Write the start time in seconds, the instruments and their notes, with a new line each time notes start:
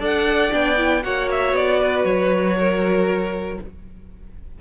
0.00 cello D4, viola A4, violin D5 F#5
0.51 cello B3, viola D4, violin G5
0.77 viola E4
1.03 cello A#3, viola F#4, violin C#5 F#5
1.32 violin E5
1.53 cello B3, violin D5
1.80 violin B4
2.05 cello F#3, violin C#5
2.59 violin A#4